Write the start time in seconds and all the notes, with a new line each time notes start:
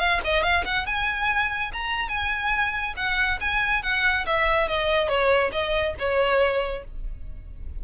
0.00 F5
0.25 D#5
0.44 F5
0.66 F#5
0.87 G#5
1.74 A#5
2.09 G#5
2.97 F#5
3.41 G#5
3.83 F#5
4.26 E5
4.69 D#5
5.09 C#5
5.53 D#5
6.00 C#5